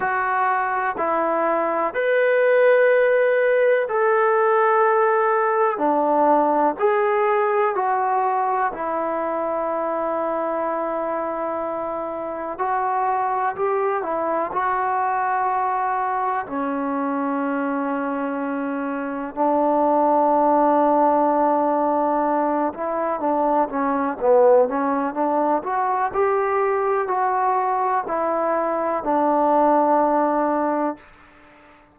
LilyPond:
\new Staff \with { instrumentName = "trombone" } { \time 4/4 \tempo 4 = 62 fis'4 e'4 b'2 | a'2 d'4 gis'4 | fis'4 e'2.~ | e'4 fis'4 g'8 e'8 fis'4~ |
fis'4 cis'2. | d'2.~ d'8 e'8 | d'8 cis'8 b8 cis'8 d'8 fis'8 g'4 | fis'4 e'4 d'2 | }